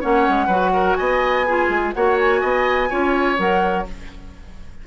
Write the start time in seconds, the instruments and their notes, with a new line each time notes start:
0.00 bassoon A#3, clarinet C#4, oboe C#5, flute F#5
0.28 bassoon G#3
0.46 bassoon F#3, clarinet F#4, oboe B4
0.73 oboe A#4
0.95 bassoon B3, oboe D#5, flute G#5
1.46 clarinet F4, oboe G#4
1.68 bassoon G#3
1.93 bassoon A#3, clarinet F#4, oboe C#5, flute F#5
2.19 flute G#5
2.41 bassoon B3, oboe D#5
2.89 bassoon C#4, clarinet F4, oboe C#5
3.37 bassoon F#3, clarinet A#4, flute F#5